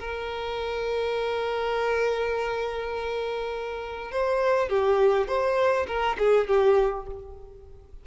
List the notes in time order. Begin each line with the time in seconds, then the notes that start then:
0.00 A#4
4.12 C5
4.70 G4
5.28 C5
5.88 A#4
6.18 G#4
6.48 G4